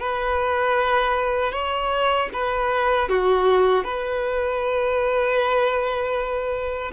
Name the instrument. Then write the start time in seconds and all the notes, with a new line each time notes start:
violin
0.00 B4
1.52 C#5
2.34 B4
3.09 F#4
3.84 B4